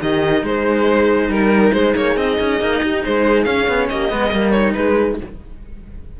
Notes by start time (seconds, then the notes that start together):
0.00 D#3 D#4 G4 D#5
0.42 G#3 G#4 C5
1.28 G3 A#4
1.73 G#3 G#4 C5
1.95 A#3 C#5
2.16 C4 D#5
2.40 C#4
2.59 A#3 D#4
2.82 D#4 G4
3.04 G#3 G#4 C5
3.44 C#4 F5
3.68 B3
3.89 A#3 G4 D#5
4.09 G#3 B3 G#4
4.32 G3 A#3 A#4
4.51 D#4 C#5
4.74 G#3 G#4 B4